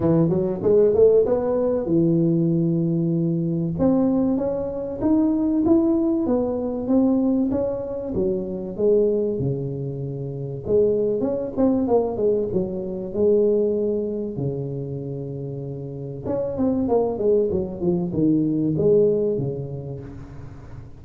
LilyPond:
\new Staff \with { instrumentName = "tuba" } { \time 4/4 \tempo 4 = 96 e8 fis8 gis8 a8 b4 e4~ | e2 c'4 cis'4 | dis'4 e'4 b4 c'4 | cis'4 fis4 gis4 cis4~ |
cis4 gis4 cis'8 c'8 ais8 gis8 | fis4 gis2 cis4~ | cis2 cis'8 c'8 ais8 gis8 | fis8 f8 dis4 gis4 cis4 | }